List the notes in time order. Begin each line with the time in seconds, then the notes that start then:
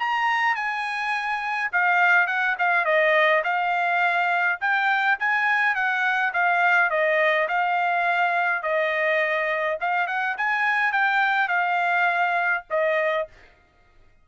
0.00 A#5
0.56 G#5
1.72 F5
2.27 F#5
2.59 F5
2.85 D#5
3.44 F5
4.61 G5
5.20 G#5
5.75 F#5
6.34 F5
6.90 D#5
7.48 F5
8.63 D#5
9.81 F5
10.08 F#5
10.37 G#5
10.92 G5
11.49 F5
12.70 D#5